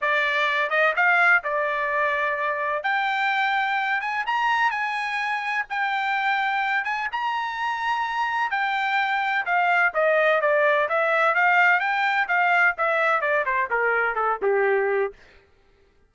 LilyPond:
\new Staff \with { instrumentName = "trumpet" } { \time 4/4 \tempo 4 = 127 d''4. dis''8 f''4 d''4~ | d''2 g''2~ | g''8 gis''8 ais''4 gis''2 | g''2~ g''8 gis''8 ais''4~ |
ais''2 g''2 | f''4 dis''4 d''4 e''4 | f''4 g''4 f''4 e''4 | d''8 c''8 ais'4 a'8 g'4. | }